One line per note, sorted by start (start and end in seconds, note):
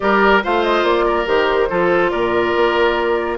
0.00 0.44 G3
0.00 0.42 G4
0.00 0.43 A#4
0.00 0.41 D5
0.43 0.82 A3
0.43 1.26 F4
0.43 1.05 C5
0.43 0.63 F5
0.63 0.84 D#5
0.82 1.24 A#3
0.82 1.26 D5
1.05 1.68 A#4
1.26 1.69 D#3
1.26 1.68 G4
1.26 2.10 C5
1.69 2.12 F3
1.69 3.37 F4
1.69 2.11 A4
2.10 2.55 A#2
2.10 3.37 A#4
2.10 3.36 D5
2.55 3.37 A#3